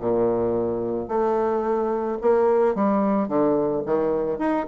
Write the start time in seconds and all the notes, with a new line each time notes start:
0.00 A#2
1.08 A3
2.21 A#3
2.75 G3
3.28 D3
3.86 D#3
4.38 D#4